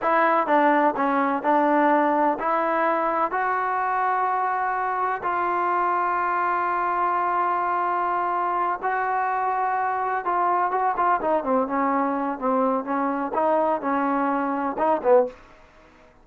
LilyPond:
\new Staff \with { instrumentName = "trombone" } { \time 4/4 \tempo 4 = 126 e'4 d'4 cis'4 d'4~ | d'4 e'2 fis'4~ | fis'2. f'4~ | f'1~ |
f'2~ f'8 fis'4.~ | fis'4. f'4 fis'8 f'8 dis'8 | c'8 cis'4. c'4 cis'4 | dis'4 cis'2 dis'8 b8 | }